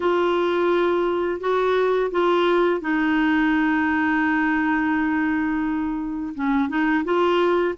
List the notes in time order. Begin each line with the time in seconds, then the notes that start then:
0.00 F4
1.40 F#4
2.11 F4
2.80 D#4
6.34 C#4
6.68 D#4
7.04 F4